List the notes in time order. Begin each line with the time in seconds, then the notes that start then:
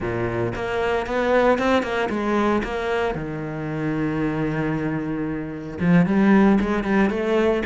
0.00 A#2
0.55 A#3
1.06 B3
1.58 C4
1.82 A#3
2.09 G#3
2.63 A#3
3.14 D#3
5.80 F3
6.06 G3
6.60 G#3
6.83 G3
7.10 A3